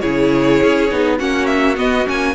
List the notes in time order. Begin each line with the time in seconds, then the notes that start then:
0.00 C#3 E4 G#4 C#5
0.62 C#4
0.91 B3 D#4
1.17 A#3 C#4 F#4 F#5
1.46 E5
1.75 B3 D#5
2.05 A#3 C#4 G#5